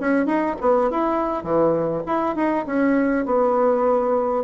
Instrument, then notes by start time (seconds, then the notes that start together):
bassoon
0.00 C#4
0.26 D#4
0.60 B3
0.90 E4
1.43 E3
2.06 E4
2.35 D#4
2.66 C#4
3.25 B3